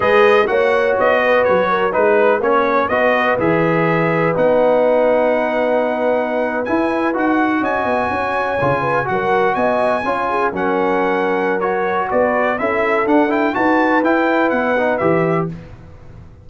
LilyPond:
<<
  \new Staff \with { instrumentName = "trumpet" } { \time 4/4 \tempo 4 = 124 dis''4 fis''4 dis''4 cis''4 | b'4 cis''4 dis''4 e''4~ | e''4 fis''2.~ | fis''4.~ fis''16 gis''4 fis''4 gis''16~ |
gis''2~ gis''8. fis''4 gis''16~ | gis''4.~ gis''16 fis''2~ fis''16 | cis''4 d''4 e''4 fis''8 g''8 | a''4 g''4 fis''4 e''4 | }
  \new Staff \with { instrumentName = "horn" } { \time 4/4 b'4 cis''4. b'4 ais'8 | b'4 cis''4 b'2~ | b'1~ | b'2.~ b'8. dis''16~ |
dis''8. cis''4. b'8 ais'4 dis''16~ | dis''8. cis''8 gis'8 ais'2~ ais'16~ | ais'4 b'4 a'2 | b'1 | }
  \new Staff \with { instrumentName = "trombone" } { \time 4/4 gis'4 fis'2. | dis'4 cis'4 fis'4 gis'4~ | gis'4 dis'2.~ | dis'4.~ dis'16 e'4 fis'4~ fis'16~ |
fis'4.~ fis'16 f'4 fis'4~ fis'16~ | fis'8. f'4 cis'2~ cis'16 | fis'2 e'4 d'8 e'8 | fis'4 e'4. dis'8 g'4 | }
  \new Staff \with { instrumentName = "tuba" } { \time 4/4 gis4 ais4 b4 fis4 | gis4 ais4 b4 e4~ | e4 b2.~ | b4.~ b16 e'4 dis'4 cis'16~ |
cis'16 b8 cis'4 cis4 fis4 b16~ | b8. cis'4 fis2~ fis16~ | fis4 b4 cis'4 d'4 | dis'4 e'4 b4 e4 | }
>>